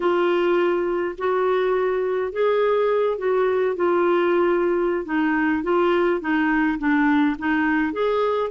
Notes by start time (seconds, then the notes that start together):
0.00 F4
1.17 F#4
2.32 G#4
3.18 F#4
3.76 F4
5.05 D#4
5.63 F4
6.20 D#4
6.78 D4
7.38 D#4
7.92 G#4